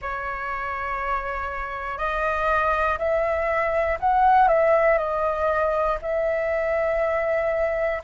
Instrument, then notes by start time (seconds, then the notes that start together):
flute
0.01 C#5
1.97 D#5
2.98 E5
4.00 F#5
4.48 E5
4.97 D#5
6.01 E5